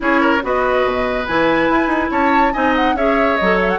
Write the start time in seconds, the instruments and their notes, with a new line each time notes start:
0.00 bassoon C#4, clarinet E4, oboe G#4, flute C#5
0.20 oboe A#4
0.42 bassoon B3, clarinet F#4, oboe B4, flute D#5
0.85 bassoon B2
1.26 bassoon E3, clarinet E4, flute G#5
1.69 bassoon E4
1.87 bassoon D#4
2.11 bassoon C#4, oboe C#5, flute A5
2.53 bassoon C4, clarinet D#4, oboe D#5, flute G#5
2.76 flute F#5
2.94 bassoon C#4, clarinet G#4, oboe C#5, flute E5
3.37 bassoon F#3, clarinet A4, flute D#5
3.61 flute E5
3.69 flute F#5